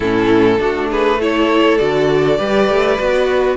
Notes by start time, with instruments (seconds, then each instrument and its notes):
0.00 cello A2, viola C#4, violin E4 A4
0.58 cello A3, viola D4, violin F#4
0.89 violin G#4 B4
1.19 viola E4, violin A4 C#5
1.78 cello D3, viola F#4, violin D5
2.37 cello G3, viola G4, violin B4
2.69 cello A3
2.99 cello B3, viola F#4